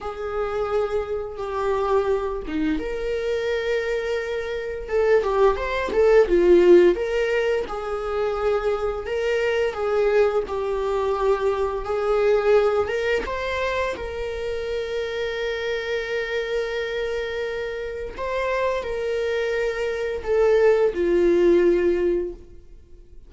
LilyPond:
\new Staff \with { instrumentName = "viola" } { \time 4/4 \tempo 4 = 86 gis'2 g'4. dis'8 | ais'2. a'8 g'8 | c''8 a'8 f'4 ais'4 gis'4~ | gis'4 ais'4 gis'4 g'4~ |
g'4 gis'4. ais'8 c''4 | ais'1~ | ais'2 c''4 ais'4~ | ais'4 a'4 f'2 | }